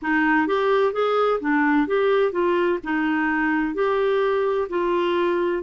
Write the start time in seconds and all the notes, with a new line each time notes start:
0.02 D#4
0.47 G4
0.92 G#4
1.40 D4
1.87 G4
2.31 F4
2.83 D#4
3.74 G4
4.69 F4